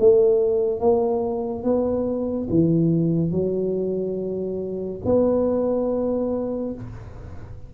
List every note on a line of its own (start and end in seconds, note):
0.00 0.80 A3
0.80 1.64 A#3
1.64 2.48 B3
2.50 3.31 E3
3.31 5.01 F#3
5.06 6.75 B3